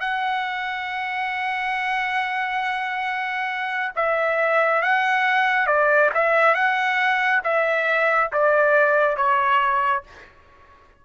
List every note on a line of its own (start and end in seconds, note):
0.00 3.91 F#5
3.96 4.82 E5
4.82 5.66 F#5
5.66 6.10 D5
6.14 6.55 E5
6.55 7.42 F#5
7.43 8.30 E5
8.32 9.17 D5
9.17 10.04 C#5